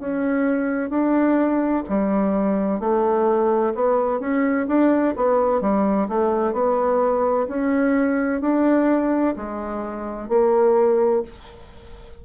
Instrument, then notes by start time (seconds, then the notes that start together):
bassoon
0.00 C#4
0.90 D4
1.89 G3
2.80 A3
3.75 B3
4.20 C#4
4.68 D4
5.17 B3
5.61 G3
6.09 A3
6.53 B3
7.49 C#4
8.42 D4
9.36 G#3
10.29 A#3